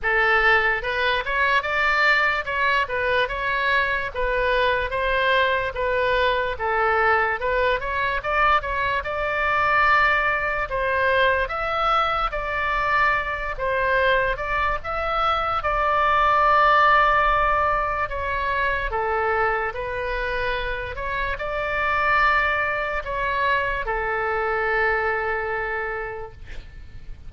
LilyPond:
\new Staff \with { instrumentName = "oboe" } { \time 4/4 \tempo 4 = 73 a'4 b'8 cis''8 d''4 cis''8 b'8 | cis''4 b'4 c''4 b'4 | a'4 b'8 cis''8 d''8 cis''8 d''4~ | d''4 c''4 e''4 d''4~ |
d''8 c''4 d''8 e''4 d''4~ | d''2 cis''4 a'4 | b'4. cis''8 d''2 | cis''4 a'2. | }